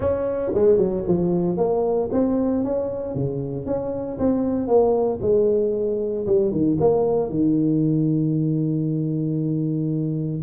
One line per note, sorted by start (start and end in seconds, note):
0.00 0.52 C#4
0.54 0.77 G#3
0.77 1.03 F#3
1.07 1.57 F3
1.57 2.09 A#3
2.12 2.64 C4
2.64 3.14 C#4
3.14 3.66 C#3
3.66 4.18 C#4
4.18 4.67 C4
4.67 5.19 A#3
5.21 6.26 G#3
6.26 6.51 G3
6.51 6.77 D#3
6.79 7.29 A#3
7.29 10.42 D#3